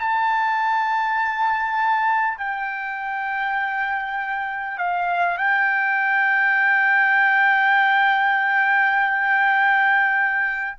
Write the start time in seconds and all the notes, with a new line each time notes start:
0.00 A5
2.38 G5
4.78 F5
5.38 G5